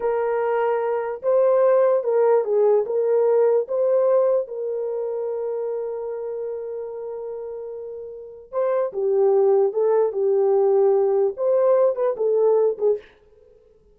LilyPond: \new Staff \with { instrumentName = "horn" } { \time 4/4 \tempo 4 = 148 ais'2. c''4~ | c''4 ais'4 gis'4 ais'4~ | ais'4 c''2 ais'4~ | ais'1~ |
ais'1~ | ais'4 c''4 g'2 | a'4 g'2. | c''4. b'8 a'4. gis'8 | }